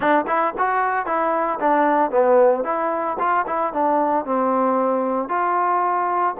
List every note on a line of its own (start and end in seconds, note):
0.00 0.25 D4
0.27 0.54 E4
0.58 1.05 F#4
1.05 1.59 E4
1.59 2.10 D4
2.10 2.64 B3
2.64 3.17 E4
3.19 3.45 F4
3.46 3.73 E4
3.73 4.25 D4
4.25 5.28 C4
5.28 6.35 F4